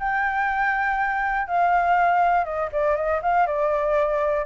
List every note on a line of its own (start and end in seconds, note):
0.00 1.48 G5
1.48 2.45 F5
2.45 2.70 D#5
2.73 2.96 D5
2.96 3.21 D#5
3.23 3.47 F5
3.47 4.46 D5